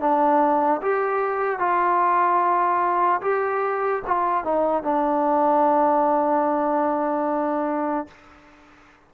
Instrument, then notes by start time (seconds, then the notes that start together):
trombone
0.00 D4
0.82 G4
1.59 F4
3.21 G4
4.07 F4
4.44 D#4
4.83 D4